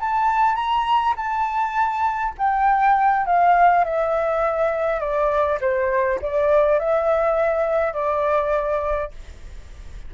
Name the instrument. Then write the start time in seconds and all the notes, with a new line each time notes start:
flute
0.00 A5
0.55 A#5
1.17 A5
2.38 G5
3.26 F5
3.84 E5
5.00 D5
5.61 C5
6.22 D5
6.79 E5
7.94 D5